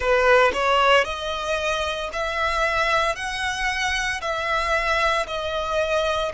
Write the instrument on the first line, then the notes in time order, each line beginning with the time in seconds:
violin
0.00 B4
0.53 C#5
1.04 D#5
2.12 E5
3.15 F#5
4.21 E5
5.26 D#5